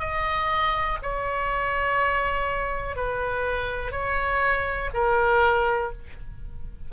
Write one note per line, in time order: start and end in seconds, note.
0.00 0.98 D#5
1.03 2.96 C#5
2.96 3.92 B4
3.92 4.90 C#5
4.94 5.92 A#4